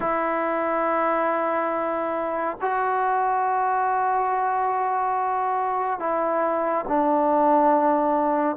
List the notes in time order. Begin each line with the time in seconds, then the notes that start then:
0.00 E4
2.61 F#4
5.99 E4
6.88 D4